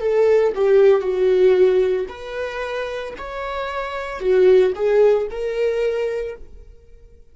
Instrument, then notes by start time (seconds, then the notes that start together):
viola
0.00 A4
0.55 G4
1.01 F#4
2.09 B4
3.18 C#5
4.21 F#4
4.76 G#4
5.31 A#4